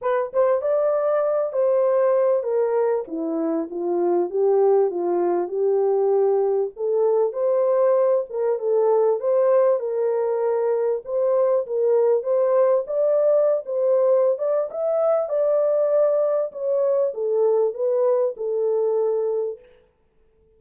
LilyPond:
\new Staff \with { instrumentName = "horn" } { \time 4/4 \tempo 4 = 98 b'8 c''8 d''4. c''4. | ais'4 e'4 f'4 g'4 | f'4 g'2 a'4 | c''4. ais'8 a'4 c''4 |
ais'2 c''4 ais'4 | c''4 d''4~ d''16 c''4~ c''16 d''8 | e''4 d''2 cis''4 | a'4 b'4 a'2 | }